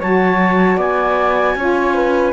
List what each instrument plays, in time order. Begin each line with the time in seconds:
0.00 cello F#3, saxophone F#4, flute C#5, clarinet A5
0.77 cello B3, flute D5, clarinet G#5
1.55 cello C#4, saxophone F4, flute C#5
1.95 flute B4